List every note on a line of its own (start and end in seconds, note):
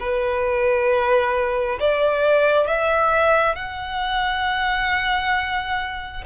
0.00 1.79 B4
1.80 2.67 D5
2.67 3.56 E5
3.56 6.24 F#5